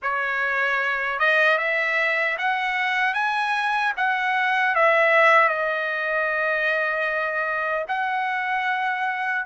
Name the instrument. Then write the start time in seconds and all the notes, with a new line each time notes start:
trumpet
0.02 C#5
1.19 D#5
1.58 E5
2.38 F#5
3.14 G#5
3.97 F#5
4.75 E5
5.49 D#5
7.88 F#5